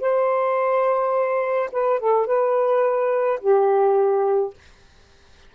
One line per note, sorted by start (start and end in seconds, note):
0.00 1.70 C5
1.72 2.00 B4
2.00 2.26 A4
2.26 3.40 B4
3.40 4.53 G4